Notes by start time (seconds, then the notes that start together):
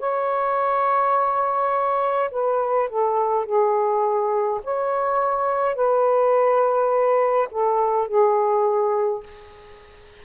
0.00 C#5
2.32 B4
2.90 A4
3.46 G#4
4.64 C#5
5.76 B4
7.51 A4
8.08 G#4